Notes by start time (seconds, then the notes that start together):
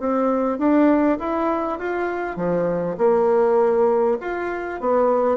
0.00 C4
0.59 D4
1.19 E4
1.79 F4
2.37 F3
2.98 A#3
4.21 F4
4.81 B3